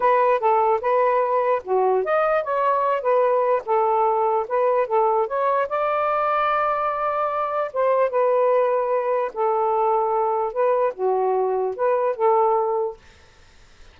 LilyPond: \new Staff \with { instrumentName = "saxophone" } { \time 4/4 \tempo 4 = 148 b'4 a'4 b'2 | fis'4 dis''4 cis''4. b'8~ | b'4 a'2 b'4 | a'4 cis''4 d''2~ |
d''2. c''4 | b'2. a'4~ | a'2 b'4 fis'4~ | fis'4 b'4 a'2 | }